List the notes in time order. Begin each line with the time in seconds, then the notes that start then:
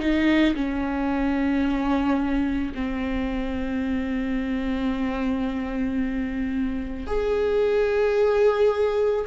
0.00 D#4
0.55 C#4
2.75 C4
7.07 G#4